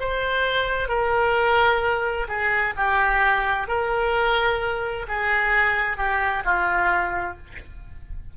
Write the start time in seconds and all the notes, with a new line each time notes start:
0.00 C5
0.89 A#4
2.28 G#4
2.77 G4
3.68 A#4
5.08 G#4
5.97 G4
6.45 F4